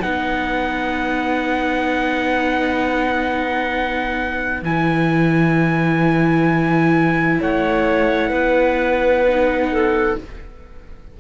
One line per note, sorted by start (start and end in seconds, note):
0.00 4.62 B3
0.00 4.63 D#4
0.00 7.38 B4
0.00 4.64 F#5
4.62 7.39 E3
4.62 9.27 E4
4.62 7.42 G#5
7.40 8.31 A3
7.40 8.30 C#5
7.40 10.19 F#5
8.30 10.16 B3
8.30 9.68 B4
9.28 10.20 D#4
9.72 10.18 A4